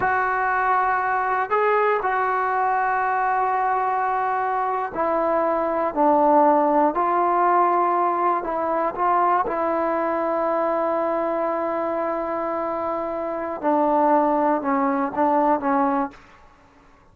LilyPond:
\new Staff \with { instrumentName = "trombone" } { \time 4/4 \tempo 4 = 119 fis'2. gis'4 | fis'1~ | fis'4.~ fis'16 e'2 d'16~ | d'4.~ d'16 f'2~ f'16~ |
f'8. e'4 f'4 e'4~ e'16~ | e'1~ | e'2. d'4~ | d'4 cis'4 d'4 cis'4 | }